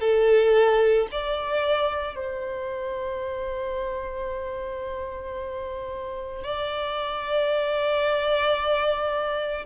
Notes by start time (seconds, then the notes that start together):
0.00 A4
1.11 D5
2.15 C5
6.43 D5